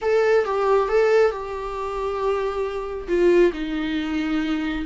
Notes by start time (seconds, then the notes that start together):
0.01 A4
0.44 G4
0.88 A4
1.31 G4
3.08 F4
3.52 D#4